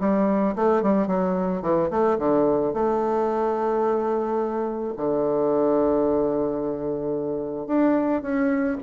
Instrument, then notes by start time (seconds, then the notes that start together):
bassoon
0.00 G3
0.56 A3
0.83 G3
1.07 F#3
1.62 E3
1.90 A3
2.18 D3
2.73 A3
4.97 D3
7.67 D4
8.22 C#4